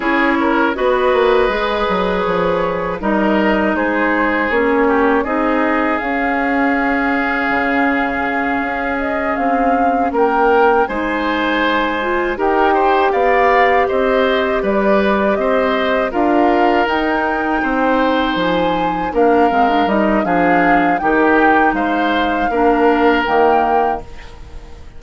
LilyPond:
<<
  \new Staff \with { instrumentName = "flute" } { \time 4/4 \tempo 4 = 80 cis''4 dis''2 cis''4 | dis''4 c''4 cis''4 dis''4 | f''1 | dis''8 f''4 g''4 gis''4.~ |
gis''8 g''4 f''4 dis''4 d''8~ | d''8 dis''4 f''4 g''4.~ | g''8 gis''4 f''4 dis''8 f''4 | g''4 f''2 g''4 | }
  \new Staff \with { instrumentName = "oboe" } { \time 4/4 gis'8 ais'8 b'2. | ais'4 gis'4. g'8 gis'4~ | gis'1~ | gis'4. ais'4 c''4.~ |
c''8 ais'8 c''8 d''4 c''4 b'8~ | b'8 c''4 ais'2 c''8~ | c''4. ais'4. gis'4 | g'4 c''4 ais'2 | }
  \new Staff \with { instrumentName = "clarinet" } { \time 4/4 e'4 fis'4 gis'2 | dis'2 cis'4 dis'4 | cis'1~ | cis'2~ cis'8 dis'4. |
f'8 g'2.~ g'8~ | g'4. f'4 dis'4.~ | dis'4. d'8 c'16 d'16 dis'8 d'4 | dis'2 d'4 ais4 | }
  \new Staff \with { instrumentName = "bassoon" } { \time 4/4 cis'4 b8 ais8 gis8 fis8 f4 | g4 gis4 ais4 c'4 | cis'2 cis4. cis'8~ | cis'8 c'4 ais4 gis4.~ |
gis8 dis'4 b4 c'4 g8~ | g8 c'4 d'4 dis'4 c'8~ | c'8 f4 ais8 gis8 g8 f4 | dis4 gis4 ais4 dis4 | }
>>